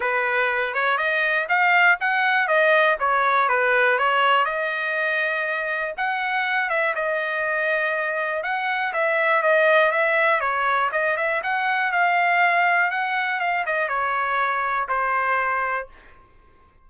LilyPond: \new Staff \with { instrumentName = "trumpet" } { \time 4/4 \tempo 4 = 121 b'4. cis''8 dis''4 f''4 | fis''4 dis''4 cis''4 b'4 | cis''4 dis''2. | fis''4. e''8 dis''2~ |
dis''4 fis''4 e''4 dis''4 | e''4 cis''4 dis''8 e''8 fis''4 | f''2 fis''4 f''8 dis''8 | cis''2 c''2 | }